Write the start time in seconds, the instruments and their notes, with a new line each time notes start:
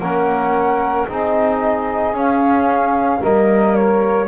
0.00 double bass A#3, trombone C#4, saxophone A#4, flute F#5
1.08 double bass C4, trombone D#4, saxophone G#4, flute D#5
2.14 double bass C#4, trombone C#4, flute F5
3.19 double bass G3, trombone A#3, saxophone A#4, flute D#5
3.76 flute C#5